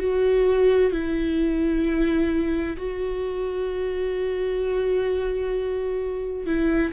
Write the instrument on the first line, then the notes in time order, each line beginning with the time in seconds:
viola
0.00 F#4
0.92 E4
2.77 F#4
6.46 E4